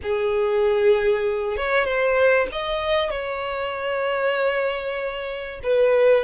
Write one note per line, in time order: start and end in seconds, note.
0.03 1.57 G#4
1.57 1.84 C#5
1.84 2.47 C5
2.52 3.10 D#5
3.10 5.60 C#5
5.62 6.24 B4